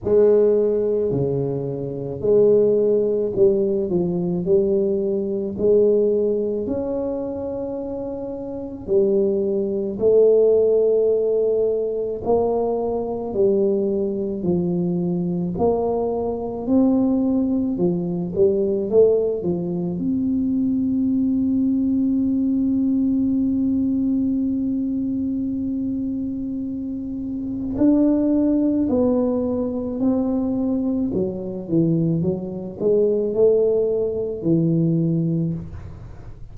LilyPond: \new Staff \with { instrumentName = "tuba" } { \time 4/4 \tempo 4 = 54 gis4 cis4 gis4 g8 f8 | g4 gis4 cis'2 | g4 a2 ais4 | g4 f4 ais4 c'4 |
f8 g8 a8 f8 c'2~ | c'1~ | c'4 d'4 b4 c'4 | fis8 e8 fis8 gis8 a4 e4 | }